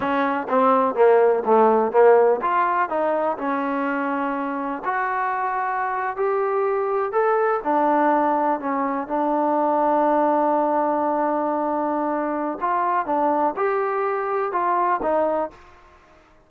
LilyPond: \new Staff \with { instrumentName = "trombone" } { \time 4/4 \tempo 4 = 124 cis'4 c'4 ais4 a4 | ais4 f'4 dis'4 cis'4~ | cis'2 fis'2~ | fis'8. g'2 a'4 d'16~ |
d'4.~ d'16 cis'4 d'4~ d'16~ | d'1~ | d'2 f'4 d'4 | g'2 f'4 dis'4 | }